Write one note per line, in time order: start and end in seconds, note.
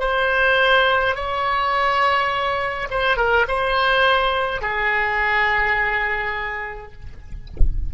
0.00 1.15 C5
1.15 2.88 C#5
2.91 3.17 C5
3.17 3.46 A#4
3.48 4.62 C5
4.62 6.93 G#4